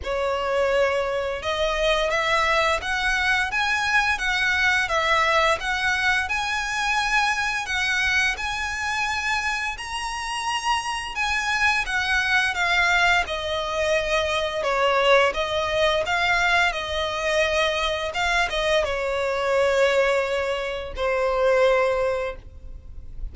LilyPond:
\new Staff \with { instrumentName = "violin" } { \time 4/4 \tempo 4 = 86 cis''2 dis''4 e''4 | fis''4 gis''4 fis''4 e''4 | fis''4 gis''2 fis''4 | gis''2 ais''2 |
gis''4 fis''4 f''4 dis''4~ | dis''4 cis''4 dis''4 f''4 | dis''2 f''8 dis''8 cis''4~ | cis''2 c''2 | }